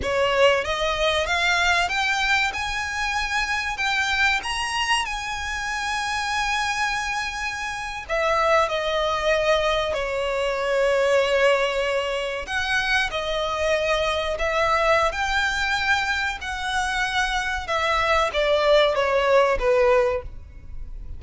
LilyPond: \new Staff \with { instrumentName = "violin" } { \time 4/4 \tempo 4 = 95 cis''4 dis''4 f''4 g''4 | gis''2 g''4 ais''4 | gis''1~ | gis''8. e''4 dis''2 cis''16~ |
cis''2.~ cis''8. fis''16~ | fis''8. dis''2 e''4~ e''16 | g''2 fis''2 | e''4 d''4 cis''4 b'4 | }